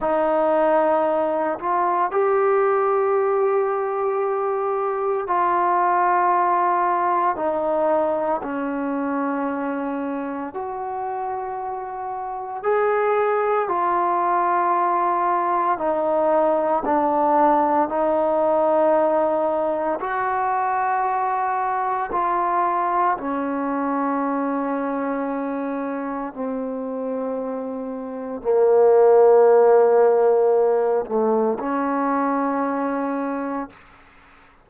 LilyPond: \new Staff \with { instrumentName = "trombone" } { \time 4/4 \tempo 4 = 57 dis'4. f'8 g'2~ | g'4 f'2 dis'4 | cis'2 fis'2 | gis'4 f'2 dis'4 |
d'4 dis'2 fis'4~ | fis'4 f'4 cis'2~ | cis'4 c'2 ais4~ | ais4. a8 cis'2 | }